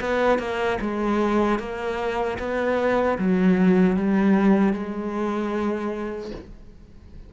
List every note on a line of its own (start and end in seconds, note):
0.00 0.38 B3
0.38 0.78 A#3
0.80 1.59 G#3
1.59 2.38 A#3
2.39 3.18 B3
3.18 3.96 F#3
3.96 4.73 G3
4.73 6.31 G#3